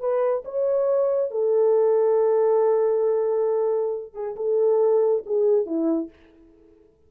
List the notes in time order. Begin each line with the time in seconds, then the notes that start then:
0.00 B4
0.45 C#5
1.31 A4
4.14 G#4
4.36 A4
5.26 G#4
5.66 E4